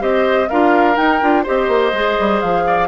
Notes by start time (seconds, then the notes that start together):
0.00 C4 G4 C5 D#5
0.48 D4 F4 A#4 F5
0.96 D#4 G5
1.22 D4 F4
1.43 C4 G4 C5 D#5
1.68 A#3
1.93 G#3 G#4
2.19 G3
2.41 F3 F5
2.67 D5